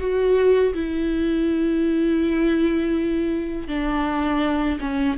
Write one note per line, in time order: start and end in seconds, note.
0.00 0.74 F#4
0.74 3.68 E4
3.68 4.79 D4
4.81 5.18 C#4